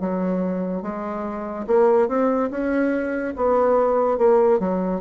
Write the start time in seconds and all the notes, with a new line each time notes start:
0.00 F#3
0.82 G#3
1.67 A#3
2.08 C4
2.50 C#4
3.36 B3
4.17 A#3
4.59 F#3